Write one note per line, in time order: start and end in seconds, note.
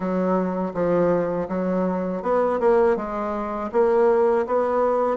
0.00 0.72 F#3
0.74 1.48 F3
1.48 2.22 F#3
2.22 2.59 B3
2.60 2.96 A#3
2.96 3.70 G#3
3.72 4.46 A#3
4.46 5.16 B3